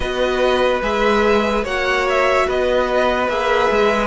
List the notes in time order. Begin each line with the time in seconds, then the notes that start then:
0.00 B3 F#4 B4 D#5
0.82 G#3 G#4 E5
1.63 A#3 F#4 C#5 F#5
2.09 E5
2.47 B3 B4 D#5
3.28 A#3 G#4 E5
3.70 G#3